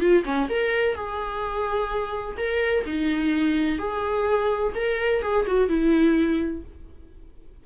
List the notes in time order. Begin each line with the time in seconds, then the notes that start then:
0.00 F4
0.24 C#4
0.49 A#4
0.95 G#4
2.38 A#4
2.86 D#4
3.78 G#4
4.75 A#4
5.22 G#4
5.47 F#4
5.68 E4